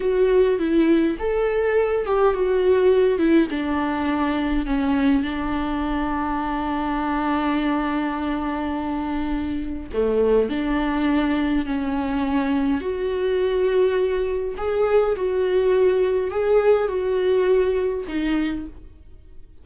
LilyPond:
\new Staff \with { instrumentName = "viola" } { \time 4/4 \tempo 4 = 103 fis'4 e'4 a'4. g'8 | fis'4. e'8 d'2 | cis'4 d'2.~ | d'1~ |
d'4 a4 d'2 | cis'2 fis'2~ | fis'4 gis'4 fis'2 | gis'4 fis'2 dis'4 | }